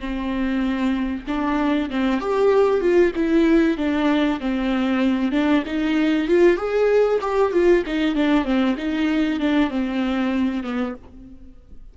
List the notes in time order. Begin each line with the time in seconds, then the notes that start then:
0.00 C4
1.27 D4
1.90 C4
2.20 G4
2.80 F4
3.15 E4
3.77 D4
4.40 C4
5.32 D4
5.66 D#4
6.28 F4
6.57 G#4
7.21 G4
7.52 F4
7.86 D#4
8.15 D4
8.44 C4
8.77 D#4
9.40 D4
9.70 C4
10.63 B3